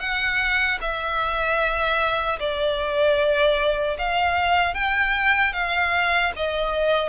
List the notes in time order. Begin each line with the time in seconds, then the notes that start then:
0.00 F#5
0.81 E5
2.40 D5
3.99 F5
4.74 G5
5.53 F5
6.37 D#5